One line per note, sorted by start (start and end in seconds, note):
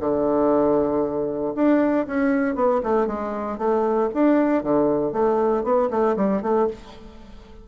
0.00 1.54 D3
1.55 2.07 D4
2.07 2.55 C#4
2.55 2.81 B3
2.83 3.07 A3
3.07 3.58 G#3
3.58 4.09 A3
4.14 4.63 D4
4.63 5.12 D3
5.12 5.63 A3
5.63 5.89 B3
5.90 6.16 A3
6.16 6.42 G3
6.42 6.68 A3